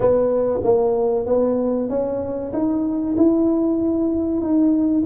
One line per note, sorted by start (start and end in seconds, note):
0.00 0.60 B3
0.63 1.26 A#3
1.26 1.89 B3
1.89 2.52 C#4
2.53 3.16 D#4
3.16 4.41 E4
4.41 5.04 D#4